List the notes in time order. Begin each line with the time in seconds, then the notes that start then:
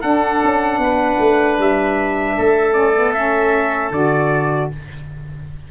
0.00 D4 A4 F#5
0.43 C#4
0.78 B3 B4
1.19 A3
1.58 G3 E5
2.36 A3 A4
2.72 C#4 D5
2.94 B3
3.13 C#4 E5
3.90 D3 F#4 D5